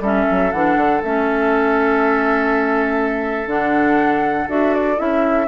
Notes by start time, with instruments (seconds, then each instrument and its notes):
0.00 bassoon G3, clarinet C#4, oboe A4, flute E5
0.30 bassoon F#3
0.52 bassoon E3, clarinet D4, flute F#5
0.76 bassoon D3
1.03 bassoon A3, clarinet C#4, flute E5
3.46 bassoon D3, clarinet D4, flute F#5
4.48 bassoon D4, clarinet F#4, flute E5
4.74 flute D5
4.97 bassoon C#4, clarinet E4, flute E5